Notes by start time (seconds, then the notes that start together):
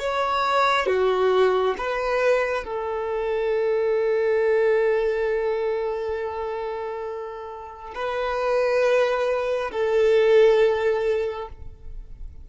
0.00 C#5
0.87 F#4
1.78 B4
2.65 A4
7.95 B4
9.72 A4